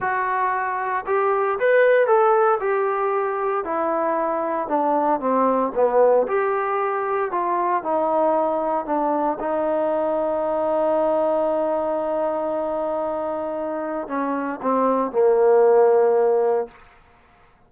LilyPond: \new Staff \with { instrumentName = "trombone" } { \time 4/4 \tempo 4 = 115 fis'2 g'4 b'4 | a'4 g'2 e'4~ | e'4 d'4 c'4 b4 | g'2 f'4 dis'4~ |
dis'4 d'4 dis'2~ | dis'1~ | dis'2. cis'4 | c'4 ais2. | }